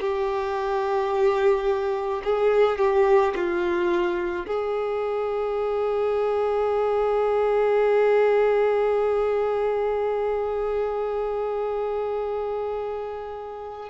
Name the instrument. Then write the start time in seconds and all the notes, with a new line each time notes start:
violin
0.00 G4
2.23 G#4
2.78 G4
3.35 F4
4.46 G#4